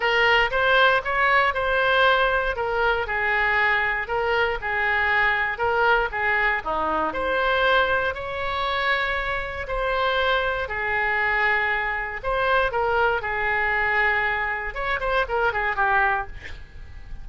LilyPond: \new Staff \with { instrumentName = "oboe" } { \time 4/4 \tempo 4 = 118 ais'4 c''4 cis''4 c''4~ | c''4 ais'4 gis'2 | ais'4 gis'2 ais'4 | gis'4 dis'4 c''2 |
cis''2. c''4~ | c''4 gis'2. | c''4 ais'4 gis'2~ | gis'4 cis''8 c''8 ais'8 gis'8 g'4 | }